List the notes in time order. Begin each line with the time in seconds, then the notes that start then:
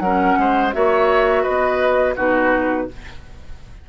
0.00 F#3 C#4 A#4 F#5
0.39 G#3 C5
0.73 A#3 F#4 C#5 E5
1.43 B3 B4 D#5
2.16 B2 D#4 F#4 B4